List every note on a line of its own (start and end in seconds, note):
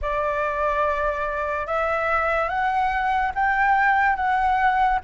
0.01 1.67 D5
1.67 2.48 E5
2.48 3.32 F#5
3.34 4.16 G5
4.16 4.99 F#5